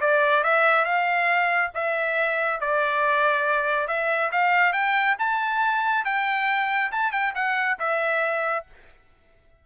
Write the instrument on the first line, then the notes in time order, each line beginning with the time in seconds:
trumpet
0.00 D5
0.43 E5
0.84 F5
1.74 E5
2.60 D5
3.87 E5
4.31 F5
4.72 G5
5.18 A5
6.05 G5
6.91 A5
7.12 G5
7.35 F#5
7.79 E5